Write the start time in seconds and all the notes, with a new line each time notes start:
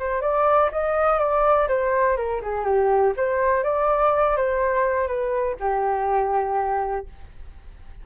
0.00 C5
0.22 D5
0.72 D#5
1.20 D5
1.69 C5
2.17 A#4
2.42 G#4
2.65 G4
3.17 C5
3.64 D5
4.37 C5
5.08 B4
5.60 G4